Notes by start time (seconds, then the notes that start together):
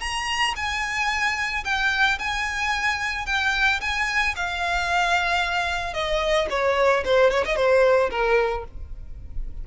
0.00 A#5
0.56 G#5
1.64 G5
2.19 G#5
3.26 G5
3.81 G#5
4.36 F5
5.94 D#5
6.50 C#5
7.05 C5
7.31 C#5
7.45 D#5
7.56 C5
8.11 A#4